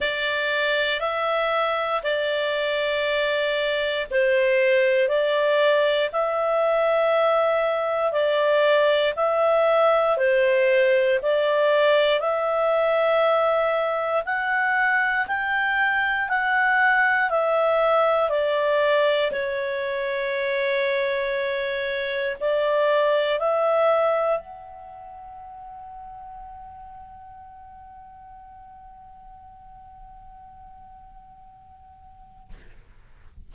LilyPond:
\new Staff \with { instrumentName = "clarinet" } { \time 4/4 \tempo 4 = 59 d''4 e''4 d''2 | c''4 d''4 e''2 | d''4 e''4 c''4 d''4 | e''2 fis''4 g''4 |
fis''4 e''4 d''4 cis''4~ | cis''2 d''4 e''4 | fis''1~ | fis''1 | }